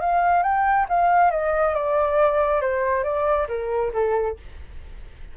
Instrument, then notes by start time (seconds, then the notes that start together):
flute
0.00 F5
0.43 G5
0.89 F5
1.31 D#5
1.75 D5
2.61 C5
3.04 D5
3.49 A#4
3.93 A4